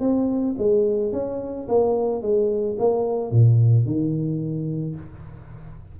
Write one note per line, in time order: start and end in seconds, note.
0.00 0.55 C4
0.58 1.12 G#3
1.12 1.67 C#4
1.68 2.22 A#3
2.22 2.77 G#3
2.79 3.31 A#3
3.31 3.85 A#2
3.85 4.95 D#3